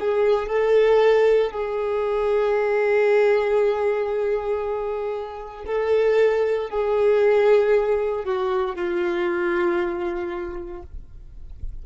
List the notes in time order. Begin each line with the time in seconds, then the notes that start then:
0.00 G#4
0.47 A4
1.51 G#4
5.67 A4
6.70 G#4
8.25 F#4
8.76 F4